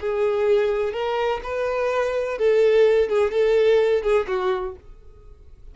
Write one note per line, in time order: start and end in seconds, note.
0.00 0.93 G#4
0.93 1.40 A#4
1.43 2.38 B4
2.38 3.09 A4
3.09 3.31 G#4
3.31 4.02 A4
4.02 4.26 G#4
4.27 4.75 F#4